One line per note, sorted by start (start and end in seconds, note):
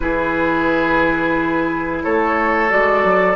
0.00 2.03 E3
0.00 2.69 E4
0.00 2.03 G#4
0.00 1.99 B4
2.03 2.71 A3
2.03 3.35 A4
2.03 2.71 C#5
2.69 3.04 G#3
2.69 3.35 F#4
2.69 3.35 D5
3.04 3.35 F#3